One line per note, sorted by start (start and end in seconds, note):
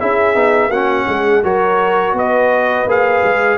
0.00 0.36 C#4
0.00 0.35 E4
0.00 0.70 G#4
0.00 0.72 E5
0.35 0.69 B3
0.35 0.71 D#4
0.69 1.05 A#3
0.69 1.44 C#4
0.69 1.06 F#4
0.69 1.44 F#5
1.08 1.44 G#3
1.08 1.43 G#4
1.43 2.14 F#3
1.43 2.89 F#4
1.43 2.16 A#4
1.43 2.17 C#5
2.14 2.86 B3
2.14 3.59 B4
2.14 2.91 D#5
2.86 3.23 A#3
2.86 3.59 G#4
2.86 3.59 F5
3.23 3.59 G#3